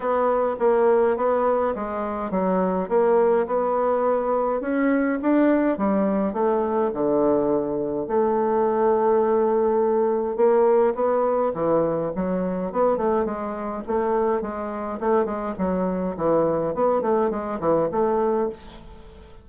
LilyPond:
\new Staff \with { instrumentName = "bassoon" } { \time 4/4 \tempo 4 = 104 b4 ais4 b4 gis4 | fis4 ais4 b2 | cis'4 d'4 g4 a4 | d2 a2~ |
a2 ais4 b4 | e4 fis4 b8 a8 gis4 | a4 gis4 a8 gis8 fis4 | e4 b8 a8 gis8 e8 a4 | }